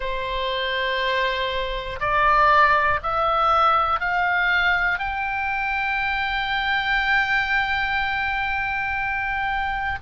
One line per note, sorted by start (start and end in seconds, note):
0.00 2.00 C5
2.00 3.00 D5
3.03 4.00 E5
4.00 4.99 F5
4.99 9.99 G5